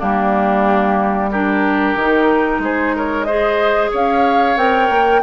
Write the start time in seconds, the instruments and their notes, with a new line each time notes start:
0.00 bassoon G3, clarinet A#3, oboe D4, flute G4
1.32 clarinet D4, oboe G4, flute A#4
1.96 bassoon D#3, clarinet D#4
2.59 bassoon G#3, oboe G#4, flute C5
2.96 oboe A#4, flute C#5
3.25 clarinet G#4, oboe C5, flute D#5
3.91 bassoon C#4, oboe C#5, flute F5
4.57 bassoon C4, clarinet A#4, flute G5
4.90 bassoon A#3